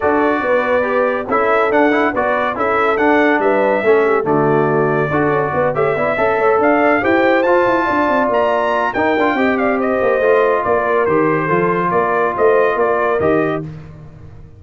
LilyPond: <<
  \new Staff \with { instrumentName = "trumpet" } { \time 4/4 \tempo 4 = 141 d''2. e''4 | fis''4 d''4 e''4 fis''4 | e''2 d''2~ | d''4. e''2 f''8~ |
f''8 g''4 a''2 ais''8~ | ais''4 g''4. f''8 dis''4~ | dis''4 d''4 c''2 | d''4 dis''4 d''4 dis''4 | }
  \new Staff \with { instrumentName = "horn" } { \time 4/4 a'4 b'2 a'4~ | a'4 b'4 a'2 | b'4 a'8 g'8 fis'2 | a'4 b'8 cis''8 d''8 e''8 cis''8 d''8~ |
d''8 c''2 d''4.~ | d''4 ais'4 dis''8 d''8 c''4~ | c''4 ais'2 a'4 | ais'4 c''4 ais'2 | }
  \new Staff \with { instrumentName = "trombone" } { \time 4/4 fis'2 g'4 e'4 | d'8 e'8 fis'4 e'4 d'4~ | d'4 cis'4 a2 | fis'4. g'8 e'8 a'4.~ |
a'8 g'4 f'2~ f'8~ | f'4 dis'8 f'8 g'2 | f'2 g'4 f'4~ | f'2. g'4 | }
  \new Staff \with { instrumentName = "tuba" } { \time 4/4 d'4 b2 cis'4 | d'4 b4 cis'4 d'4 | g4 a4 d2 | d'8 cis'8 b8 a8 b8 cis'8 a8 d'8~ |
d'8 e'4 f'8 e'8 d'8 c'8 ais8~ | ais4 dis'8 d'8 c'4. ais8 | a4 ais4 dis4 f4 | ais4 a4 ais4 dis4 | }
>>